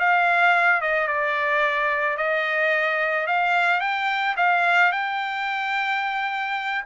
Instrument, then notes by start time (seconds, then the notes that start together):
trumpet
0.00 F5
0.82 D#5
1.08 D5
2.18 D#5
3.27 F5
3.81 G5
4.37 F5
4.92 G5